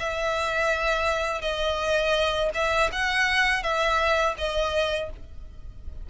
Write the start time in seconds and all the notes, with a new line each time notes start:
0.00 E5
1.42 D#5
2.54 E5
2.92 F#5
3.63 E5
4.38 D#5